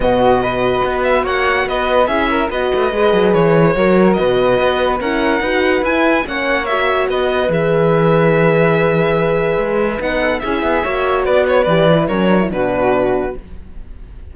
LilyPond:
<<
  \new Staff \with { instrumentName = "violin" } { \time 4/4 \tempo 4 = 144 dis''2~ dis''8 e''8 fis''4 | dis''4 e''4 dis''2 | cis''2 dis''2 | fis''2 gis''4 fis''4 |
e''4 dis''4 e''2~ | e''1 | fis''4 e''2 d''8 cis''8 | d''4 cis''4 b'2 | }
  \new Staff \with { instrumentName = "flute" } { \time 4/4 fis'4 b'2 cis''4 | b'4 gis'8 ais'8 b'2~ | b'4 ais'4 b'2 | ais'4 b'2 cis''4~ |
cis''4 b'2.~ | b'1~ | b'8 a'8 gis'4 cis''4 b'4~ | b'4 ais'4 fis'2 | }
  \new Staff \with { instrumentName = "horn" } { \time 4/4 b4 fis'2.~ | fis'4 e'4 fis'4 gis'4~ | gis'4 fis'2. | e'4 fis'4 e'4 cis'4 |
fis'2 gis'2~ | gis'1 | dis'4 e'4 fis'2 | g'8 e'8 cis'8 d'16 e'16 d'2 | }
  \new Staff \with { instrumentName = "cello" } { \time 4/4 b,2 b4 ais4 | b4 cis'4 b8 a8 gis8 fis8 | e4 fis4 b,4 b4 | cis'4 dis'4 e'4 ais4~ |
ais4 b4 e2~ | e2. gis4 | b4 cis'8 b8 ais4 b4 | e4 fis4 b,2 | }
>>